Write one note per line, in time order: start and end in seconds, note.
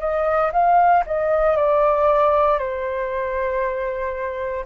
0.00 0.52 D#5
0.52 1.04 F5
1.06 1.57 D#5
1.57 2.59 D5
2.59 4.66 C5